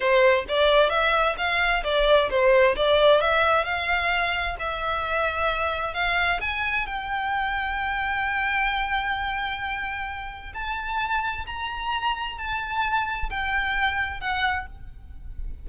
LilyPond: \new Staff \with { instrumentName = "violin" } { \time 4/4 \tempo 4 = 131 c''4 d''4 e''4 f''4 | d''4 c''4 d''4 e''4 | f''2 e''2~ | e''4 f''4 gis''4 g''4~ |
g''1~ | g''2. a''4~ | a''4 ais''2 a''4~ | a''4 g''2 fis''4 | }